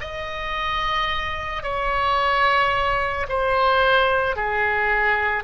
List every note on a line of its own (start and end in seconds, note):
0.00 1.63 D#5
1.63 3.26 C#5
3.29 4.36 C5
4.36 5.43 G#4